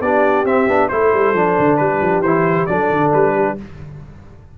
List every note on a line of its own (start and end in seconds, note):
0.00 0.44 B3
0.00 0.46 D4
0.00 0.90 G4
0.00 0.45 D5
0.45 0.67 C4
0.45 0.68 C4
0.45 0.88 E5
0.67 0.89 B3
0.67 0.90 D4
0.88 1.12 A3
0.88 1.35 E4
0.88 1.80 A4
0.88 1.76 C5
1.13 1.33 G3
1.33 1.55 F3
1.33 2.24 D4
1.58 1.79 D3
1.76 2.01 G3
1.76 2.70 G4
1.76 2.21 B4
2.01 2.20 F3
2.20 2.65 E3
2.20 2.68 E4
2.20 2.66 C5
2.66 2.90 F#3
2.66 3.57 D4
2.66 3.34 A4
2.66 3.10 D5
2.90 3.12 D3
3.13 3.58 G3
3.13 3.57 B4
3.34 3.57 G4